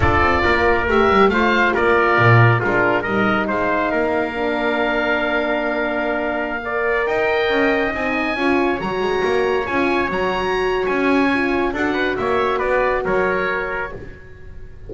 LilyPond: <<
  \new Staff \with { instrumentName = "oboe" } { \time 4/4 \tempo 4 = 138 d''2 e''4 f''4 | d''2 ais'4 dis''4 | f''1~ | f''1~ |
f''16 g''2 gis''4.~ gis''16~ | gis''16 ais''2 gis''4 ais''8.~ | ais''4 gis''2 fis''4 | e''4 d''4 cis''2 | }
  \new Staff \with { instrumentName = "trumpet" } { \time 4/4 a'4 ais'2 c''4 | ais'2 f'4 ais'4 | c''4 ais'2.~ | ais'2.~ ais'16 d''8.~ |
d''16 dis''2. cis''8.~ | cis''1~ | cis''2. a'8 b'8 | cis''4 b'4 ais'2 | }
  \new Staff \with { instrumentName = "horn" } { \time 4/4 f'2 g'4 f'4~ | f'2 d'4 dis'4~ | dis'2 d'2~ | d'2.~ d'16 ais'8.~ |
ais'2~ ais'16 dis'4 f'8.~ | f'16 fis'2 f'4 fis'8.~ | fis'2 f'4 fis'4~ | fis'1 | }
  \new Staff \with { instrumentName = "double bass" } { \time 4/4 d'8 c'8 ais4 a8 g8 a4 | ais4 ais,4 gis4 g4 | gis4 ais2.~ | ais1~ |
ais16 dis'4 cis'4 c'4 cis'8.~ | cis'16 fis8 gis8 ais4 cis'4 fis8.~ | fis4 cis'2 d'4 | ais4 b4 fis2 | }
>>